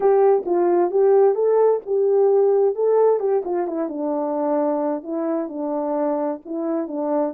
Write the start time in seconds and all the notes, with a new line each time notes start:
0.00 G4
0.45 F4
0.90 G4
1.34 A4
1.86 G4
2.75 A4
3.19 G4
3.44 F4
3.67 E4
3.88 D4
5.03 E4
5.48 D4
6.45 E4
6.87 D4